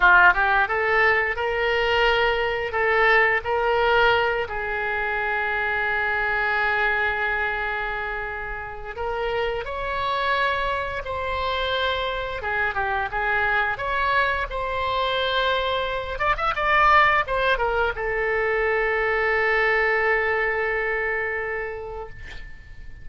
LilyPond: \new Staff \with { instrumentName = "oboe" } { \time 4/4 \tempo 4 = 87 f'8 g'8 a'4 ais'2 | a'4 ais'4. gis'4.~ | gis'1~ | gis'4 ais'4 cis''2 |
c''2 gis'8 g'8 gis'4 | cis''4 c''2~ c''8 d''16 e''16 | d''4 c''8 ais'8 a'2~ | a'1 | }